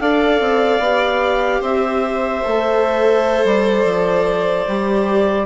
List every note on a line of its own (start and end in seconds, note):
0.00 0.40 D4
0.00 0.81 A4
0.00 1.60 D5
0.00 1.62 F5
0.40 0.79 C4
0.79 1.60 B3
0.79 2.43 G4
1.60 2.42 C4
1.60 5.45 C5
1.60 3.45 E5
2.43 3.44 A3
2.43 4.66 A4
3.44 3.84 G3
3.44 5.46 D5
3.84 4.65 F3
4.67 5.46 G3
4.67 5.46 G4